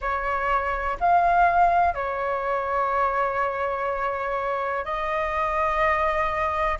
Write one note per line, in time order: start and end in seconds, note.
0.00 0.97 C#5
0.99 1.94 F5
1.94 4.84 C#5
4.84 6.78 D#5